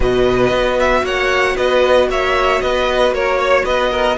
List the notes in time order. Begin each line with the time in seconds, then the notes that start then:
0.00 B2 F#4 B4 D#5
0.50 B3
0.79 E5
1.03 A#3 C#5 F#5
1.56 B3 B4 D#5
2.09 A#3 C#5 E5
2.61 B3 B4 D#5
3.10 A#3 A#4 C#5
3.38 C#5
3.64 B3 B4 D#5
3.91 A#4